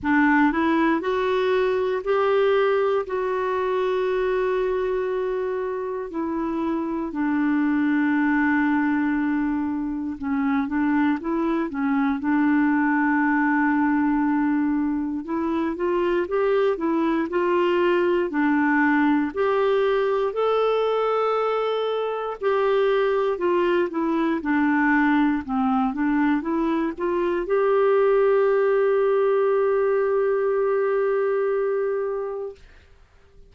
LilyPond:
\new Staff \with { instrumentName = "clarinet" } { \time 4/4 \tempo 4 = 59 d'8 e'8 fis'4 g'4 fis'4~ | fis'2 e'4 d'4~ | d'2 cis'8 d'8 e'8 cis'8 | d'2. e'8 f'8 |
g'8 e'8 f'4 d'4 g'4 | a'2 g'4 f'8 e'8 | d'4 c'8 d'8 e'8 f'8 g'4~ | g'1 | }